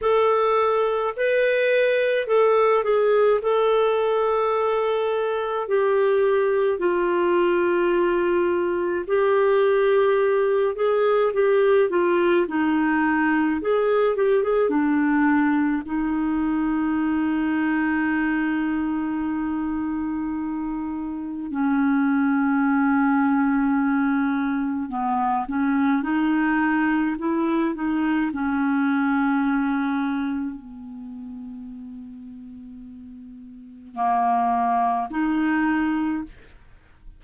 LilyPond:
\new Staff \with { instrumentName = "clarinet" } { \time 4/4 \tempo 4 = 53 a'4 b'4 a'8 gis'8 a'4~ | a'4 g'4 f'2 | g'4. gis'8 g'8 f'8 dis'4 | gis'8 g'16 gis'16 d'4 dis'2~ |
dis'2. cis'4~ | cis'2 b8 cis'8 dis'4 | e'8 dis'8 cis'2 b4~ | b2 ais4 dis'4 | }